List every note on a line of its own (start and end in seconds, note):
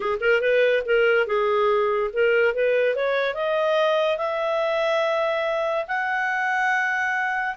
0.00 0.18 G#4
0.20 0.41 A#4
0.41 0.83 B4
0.85 1.26 A#4
1.26 2.10 G#4
2.13 2.54 A#4
2.54 2.95 B4
2.95 3.34 C#5
3.34 4.17 D#5
4.17 5.85 E5
5.87 7.55 F#5